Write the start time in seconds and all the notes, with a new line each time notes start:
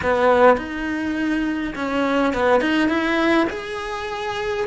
0.02 B3
0.57 D#4
1.75 C#4
2.33 B3
2.61 D#4
2.88 E4
3.50 G#4